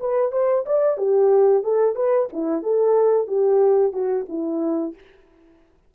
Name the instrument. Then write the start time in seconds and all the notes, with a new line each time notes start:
horn
0.00 B4
0.32 C5
0.66 D5
0.97 G4
1.63 A4
1.95 B4
2.33 E4
2.63 A4
3.27 G4
3.93 F#4
4.29 E4